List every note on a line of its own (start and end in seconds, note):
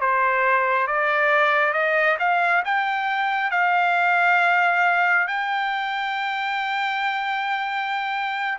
0.00 0.87 C5
0.87 1.73 D5
1.73 2.17 D#5
2.19 2.63 F5
2.65 3.51 G5
3.51 5.27 F5
5.27 8.58 G5